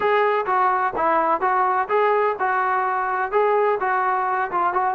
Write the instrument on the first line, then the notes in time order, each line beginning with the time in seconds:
trombone
0.00 G#4
0.46 F#4
0.96 E4
1.40 F#4
1.88 G#4
2.39 F#4
3.31 G#4
3.80 F#4
4.51 F4
4.73 F#4